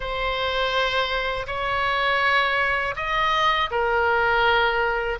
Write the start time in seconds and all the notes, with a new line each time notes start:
0.00 C5
1.46 C#5
2.96 D#5
3.70 A#4